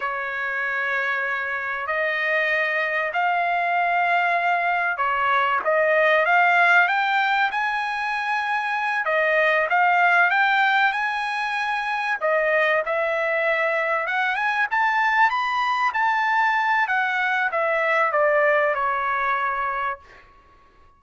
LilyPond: \new Staff \with { instrumentName = "trumpet" } { \time 4/4 \tempo 4 = 96 cis''2. dis''4~ | dis''4 f''2. | cis''4 dis''4 f''4 g''4 | gis''2~ gis''8 dis''4 f''8~ |
f''8 g''4 gis''2 dis''8~ | dis''8 e''2 fis''8 gis''8 a''8~ | a''8 b''4 a''4. fis''4 | e''4 d''4 cis''2 | }